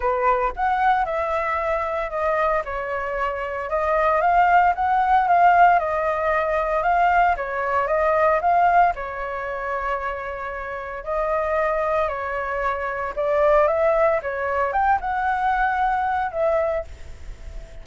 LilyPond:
\new Staff \with { instrumentName = "flute" } { \time 4/4 \tempo 4 = 114 b'4 fis''4 e''2 | dis''4 cis''2 dis''4 | f''4 fis''4 f''4 dis''4~ | dis''4 f''4 cis''4 dis''4 |
f''4 cis''2.~ | cis''4 dis''2 cis''4~ | cis''4 d''4 e''4 cis''4 | g''8 fis''2~ fis''8 e''4 | }